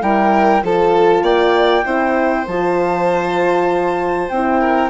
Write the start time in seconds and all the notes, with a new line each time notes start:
0.00 G3 E4 A#4 G5
0.63 F3 F4 A4 A5
1.22 A#3 D5 G5
1.85 C4 E4 C5
2.47 F3 F4 A5
4.29 C4 E4 G5
4.60 A#4